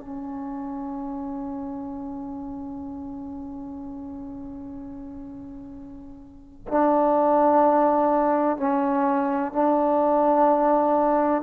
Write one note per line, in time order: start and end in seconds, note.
0.00 6.67 C#4
6.68 8.57 D4
8.57 9.52 C#4
9.52 11.42 D4